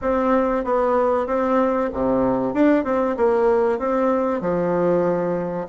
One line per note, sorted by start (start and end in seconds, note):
0.01 0.64 C4
0.64 1.27 B3
1.27 1.90 C4
1.93 2.54 C3
2.54 2.84 D4
2.84 3.16 C4
3.16 3.78 A#3
3.78 4.40 C4
4.40 5.67 F3